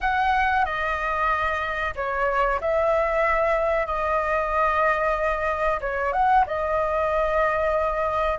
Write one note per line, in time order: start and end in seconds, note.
0.00 0.65 F#5
0.65 1.94 D#5
1.95 2.60 C#5
2.60 3.86 E5
3.86 5.79 D#5
5.80 6.12 C#5
6.12 6.45 F#5
6.46 8.38 D#5